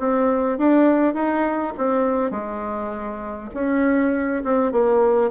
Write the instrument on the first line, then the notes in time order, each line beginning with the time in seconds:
bassoon
0.00 C4
0.58 D4
1.14 D#4
1.78 C4
2.31 G#3
3.54 C#4
4.44 C4
4.72 A#3